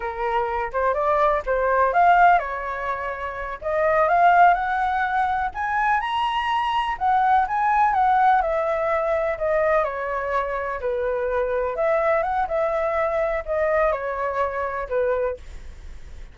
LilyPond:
\new Staff \with { instrumentName = "flute" } { \time 4/4 \tempo 4 = 125 ais'4. c''8 d''4 c''4 | f''4 cis''2~ cis''8 dis''8~ | dis''8 f''4 fis''2 gis''8~ | gis''8 ais''2 fis''4 gis''8~ |
gis''8 fis''4 e''2 dis''8~ | dis''8 cis''2 b'4.~ | b'8 e''4 fis''8 e''2 | dis''4 cis''2 b'4 | }